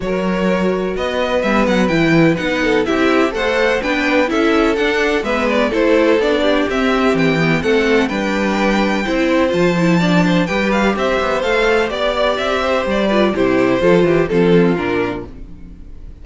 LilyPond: <<
  \new Staff \with { instrumentName = "violin" } { \time 4/4 \tempo 4 = 126 cis''2 dis''4 e''8 fis''8 | g''4 fis''4 e''4 fis''4 | g''4 e''4 fis''4 e''8 d''8 | c''4 d''4 e''4 g''4 |
fis''4 g''2. | a''2 g''8 f''8 e''4 | f''4 d''4 e''4 d''4 | c''2 a'4 ais'4 | }
  \new Staff \with { instrumentName = "violin" } { \time 4/4 ais'2 b'2~ | b'4. a'8 g'4 c''4 | b'4 a'2 b'4 | a'4. g'2~ g'8 |
a'4 b'2 c''4~ | c''4 d''8 c''8 b'4 c''4~ | c''4 d''4. c''4 b'8 | g'4 a'8 g'8 f'2 | }
  \new Staff \with { instrumentName = "viola" } { \time 4/4 fis'2. b4 | e'4 dis'4 e'4 a'4 | d'4 e'4 d'4 b4 | e'4 d'4 c'4. b8 |
c'4 d'2 e'4 | f'8 e'8 d'4 g'2 | a'4 g'2~ g'8 f'8 | e'4 f'4 c'4 d'4 | }
  \new Staff \with { instrumentName = "cello" } { \time 4/4 fis2 b4 g8 fis8 | e4 b4 c'4 a4 | b4 cis'4 d'4 gis4 | a4 b4 c'4 e4 |
a4 g2 c'4 | f2 g4 c'8 b8 | a4 b4 c'4 g4 | c4 f8 e8 f4 ais,4 | }
>>